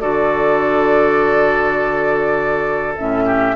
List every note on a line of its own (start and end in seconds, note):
0.00 2.96 D3
0.00 2.95 F#4
0.00 3.25 A4
0.00 2.94 D5
2.96 3.55 A2
2.96 3.55 C#4
2.96 3.55 E5
3.25 3.55 G4